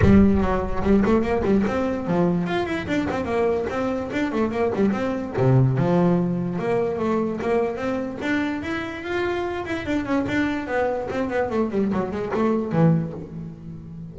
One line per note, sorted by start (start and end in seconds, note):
0.01 0.41 G3
0.41 0.82 F#3
0.82 1.03 G3
1.05 1.21 A3
1.21 1.42 A#3
1.44 1.64 G3
1.67 2.07 C4
2.07 2.47 F3
2.47 2.66 F4
2.66 2.86 E4
2.87 3.07 D4
3.10 3.25 C4
3.25 3.66 A#3
3.69 4.10 C4
4.12 4.32 D4
4.32 4.51 A3
4.51 4.71 A#3
4.74 4.91 G3
4.91 5.32 C4
5.37 5.77 C3
5.77 6.58 F3
6.58 6.99 A#3
6.99 7.40 A3
7.41 7.76 A#3
7.76 8.17 C4
8.21 8.62 D4
8.62 9.03 E4
9.03 9.65 F4
9.65 9.86 E4
9.86 10.05 D4
10.05 10.25 C#4
10.28 10.67 D4
10.67 11.08 B3
11.10 11.29 C4
11.29 11.50 B3
11.50 11.70 A3
11.70 11.91 G3
11.92 12.11 F#3
12.11 12.32 G#3
12.33 12.72 A3
12.72 13.13 E3